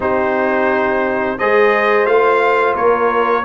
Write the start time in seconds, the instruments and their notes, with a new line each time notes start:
0.00 tuba C4, trombone D#4, horn G4, trumpet C5
1.38 tuba G#3, trombone G#4, horn C5, trumpet D#5
2.05 tuba A3, trombone F4, trumpet F5
2.75 tuba A#3, horn A#4, trumpet C#5